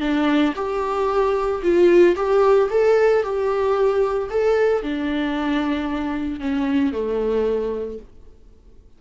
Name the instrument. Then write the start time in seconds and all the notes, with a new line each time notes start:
viola
0.00 D4
0.55 G4
1.62 F4
2.16 G4
2.70 A4
3.23 G4
4.30 A4
4.82 D4
6.40 C#4
6.92 A3